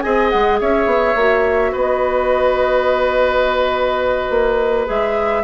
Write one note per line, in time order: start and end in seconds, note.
0.00 0.33 C4
0.00 1.16 G#4
0.00 0.60 D#5
0.00 0.29 G#5
0.29 0.61 G#3
0.29 0.58 F#5
0.60 0.85 C#4
0.60 1.71 C#5
0.60 1.75 E5
0.85 1.14 B3
1.15 1.72 A#3
1.15 4.86 F#4
1.71 4.30 B3
1.71 5.43 B4
1.71 4.87 D#5
4.30 4.87 A#3
4.86 5.44 G#3
4.86 5.43 G#4
4.86 5.44 E5